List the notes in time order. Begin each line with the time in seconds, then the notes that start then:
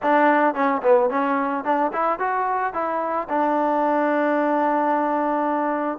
0.02 D4
0.54 C#4
0.82 B3
1.10 C#4
1.64 D4
1.92 E4
2.19 F#4
2.73 E4
3.29 D4